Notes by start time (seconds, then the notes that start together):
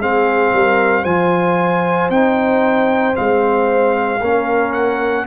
0.00 G#3 C4 G#4 F5
0.54 G3 A#4
1.02 F3 F4 C5 G#5
2.10 C4 D#4 G5
3.14 G#3 C4 F5
4.21 A#3 C#4 A#4
4.73 F#5